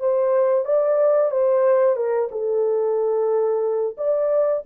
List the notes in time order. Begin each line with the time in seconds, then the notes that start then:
0.00 C5
0.65 D5
1.31 C5
1.96 A#4
2.31 A4
3.98 D5